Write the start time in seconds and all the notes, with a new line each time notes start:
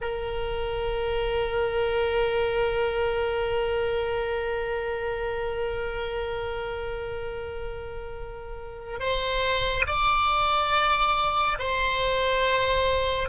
0.01 A#4
8.99 C5
9.86 D5
11.58 C5